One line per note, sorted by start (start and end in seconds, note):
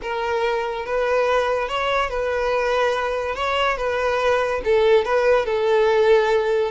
0.02 0.85 A#4
0.85 1.68 B4
1.68 2.09 C#5
2.09 3.35 B4
3.35 3.77 C#5
3.77 4.61 B4
4.64 5.04 A4
5.04 5.45 B4
5.45 6.71 A4